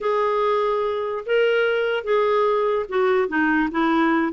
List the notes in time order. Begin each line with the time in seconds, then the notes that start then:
0.01 G#4
1.26 A#4
2.03 G#4
2.88 F#4
3.28 D#4
3.71 E4